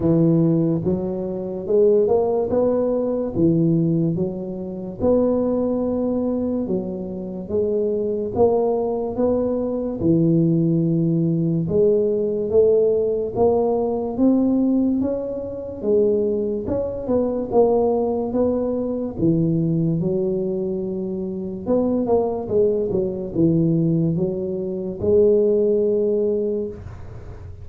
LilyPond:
\new Staff \with { instrumentName = "tuba" } { \time 4/4 \tempo 4 = 72 e4 fis4 gis8 ais8 b4 | e4 fis4 b2 | fis4 gis4 ais4 b4 | e2 gis4 a4 |
ais4 c'4 cis'4 gis4 | cis'8 b8 ais4 b4 e4 | fis2 b8 ais8 gis8 fis8 | e4 fis4 gis2 | }